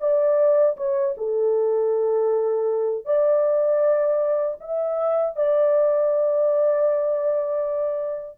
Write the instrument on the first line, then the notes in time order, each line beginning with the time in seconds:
horn
0.00 D5
0.76 C#5
1.17 A4
3.05 D5
4.60 E5
5.35 D5